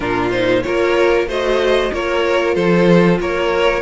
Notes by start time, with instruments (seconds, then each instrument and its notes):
0.00 cello A#2, viola D4, violin F4 A#4
0.30 viola D#4, violin C5
0.62 cello A#3, viola F4, violin A#4 C#5
1.26 cello A3, viola F#4, violin C5 D#5
1.92 cello A#3, viola F4, violin A#4 C#5
2.54 cello F3, violin A4 C5
3.19 cello A#3, violin A#4 C#5